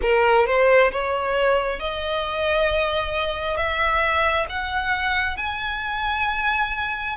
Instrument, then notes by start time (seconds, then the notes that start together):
violin
0.02 A#4
0.46 C5
0.91 C#5
1.79 D#5
3.56 E5
4.49 F#5
5.37 G#5